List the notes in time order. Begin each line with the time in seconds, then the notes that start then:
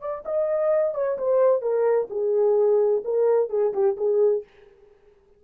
0.00 D5
0.25 D#5
0.94 C#5
1.18 C5
1.61 A#4
2.10 G#4
3.04 A#4
3.49 G#4
3.73 G4
3.97 G#4